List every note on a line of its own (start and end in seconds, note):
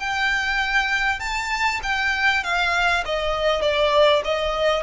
0.00 1.20 G5
1.20 1.80 A5
1.83 2.44 G5
2.44 3.04 F5
3.05 3.62 D#5
3.62 4.23 D5
4.25 4.83 D#5